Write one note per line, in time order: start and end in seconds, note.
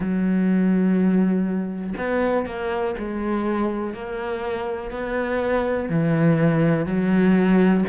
0.00 1.94 F#3
1.97 2.46 B3
2.46 2.95 A#3
2.98 3.93 G#3
3.93 4.90 A#3
4.90 5.89 B3
5.89 6.86 E3
6.86 7.84 F#3